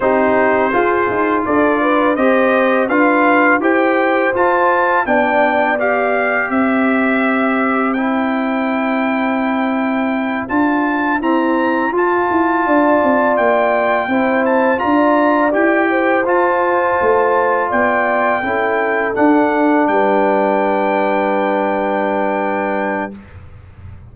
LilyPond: <<
  \new Staff \with { instrumentName = "trumpet" } { \time 4/4 \tempo 4 = 83 c''2 d''4 dis''4 | f''4 g''4 a''4 g''4 | f''4 e''2 g''4~ | g''2~ g''8 a''4 ais''8~ |
ais''8 a''2 g''4. | a''8 ais''4 g''4 a''4.~ | a''8 g''2 fis''4 g''8~ | g''1 | }
  \new Staff \with { instrumentName = "horn" } { \time 4/4 g'4 gis'4 a'8 b'8 c''4 | b'4 c''2 d''4~ | d''4 c''2.~ | c''1~ |
c''4. d''2 c''8~ | c''8 d''4. c''2~ | c''8 d''4 a'2 b'8~ | b'1 | }
  \new Staff \with { instrumentName = "trombone" } { \time 4/4 dis'4 f'2 g'4 | f'4 g'4 f'4 d'4 | g'2. e'4~ | e'2~ e'8 f'4 c'8~ |
c'8 f'2. e'8~ | e'8 f'4 g'4 f'4.~ | f'4. e'4 d'4.~ | d'1 | }
  \new Staff \with { instrumentName = "tuba" } { \time 4/4 c'4 f'8 dis'8 d'4 c'4 | d'4 e'4 f'4 b4~ | b4 c'2.~ | c'2~ c'8 d'4 e'8~ |
e'8 f'8 e'8 d'8 c'8 ais4 c'8~ | c'8 d'4 e'4 f'4 a8~ | a8 b4 cis'4 d'4 g8~ | g1 | }
>>